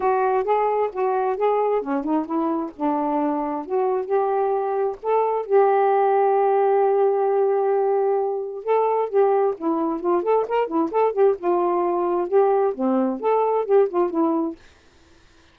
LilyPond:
\new Staff \with { instrumentName = "saxophone" } { \time 4/4 \tempo 4 = 132 fis'4 gis'4 fis'4 gis'4 | cis'8 dis'8 e'4 d'2 | fis'4 g'2 a'4 | g'1~ |
g'2. a'4 | g'4 e'4 f'8 a'8 ais'8 e'8 | a'8 g'8 f'2 g'4 | c'4 a'4 g'8 f'8 e'4 | }